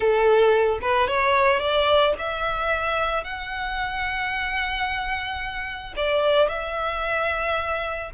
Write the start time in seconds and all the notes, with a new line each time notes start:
0.00 A4
0.81 B4
1.07 C#5
1.59 D5
2.18 E5
3.23 F#5
5.96 D5
6.48 E5